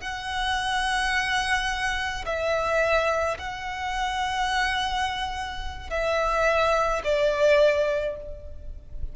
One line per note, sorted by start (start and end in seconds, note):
0.00 2.24 F#5
2.25 3.37 E5
3.38 5.90 F#5
5.90 7.02 E5
7.03 8.16 D5